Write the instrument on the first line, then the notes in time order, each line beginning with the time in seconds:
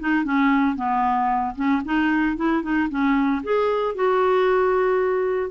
clarinet
0.00 D#4
0.25 C#4
0.76 B3
1.56 C#4
1.85 D#4
2.37 E4
2.63 D#4
2.90 C#4
3.44 G#4
3.95 F#4